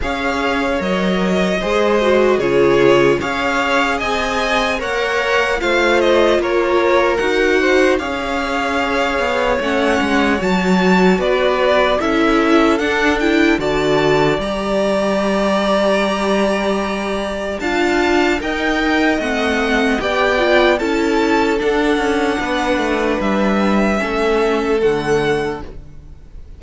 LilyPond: <<
  \new Staff \with { instrumentName = "violin" } { \time 4/4 \tempo 4 = 75 f''4 dis''2 cis''4 | f''4 gis''4 fis''4 f''8 dis''8 | cis''4 fis''4 f''2 | fis''4 a''4 d''4 e''4 |
fis''8 g''8 a''4 ais''2~ | ais''2 a''4 g''4 | fis''4 g''4 a''4 fis''4~ | fis''4 e''2 fis''4 | }
  \new Staff \with { instrumentName = "violin" } { \time 4/4 cis''2 c''4 gis'4 | cis''4 dis''4 cis''4 c''4 | ais'4. c''8 cis''2~ | cis''2 b'4 a'4~ |
a'4 d''2.~ | d''2 f''4 dis''4~ | dis''4 d''4 a'2 | b'2 a'2 | }
  \new Staff \with { instrumentName = "viola" } { \time 4/4 gis'4 ais'4 gis'8 fis'8 f'4 | gis'2 ais'4 f'4~ | f'4 fis'4 gis'2 | cis'4 fis'2 e'4 |
d'8 e'8 fis'4 g'2~ | g'2 f'4 ais'4 | c'4 g'8 f'8 e'4 d'4~ | d'2 cis'4 a4 | }
  \new Staff \with { instrumentName = "cello" } { \time 4/4 cis'4 fis4 gis4 cis4 | cis'4 c'4 ais4 a4 | ais4 dis'4 cis'4. b8 | a8 gis8 fis4 b4 cis'4 |
d'4 d4 g2~ | g2 d'4 dis'4 | a4 b4 cis'4 d'8 cis'8 | b8 a8 g4 a4 d4 | }
>>